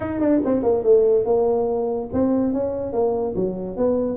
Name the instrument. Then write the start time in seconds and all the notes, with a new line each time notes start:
tuba
0.00 D#4
0.19 D4
0.45 C4
0.63 A#3
0.83 A3
1.25 A#3
2.13 C4
2.53 C#4
2.93 A#3
3.35 F#3
3.76 B3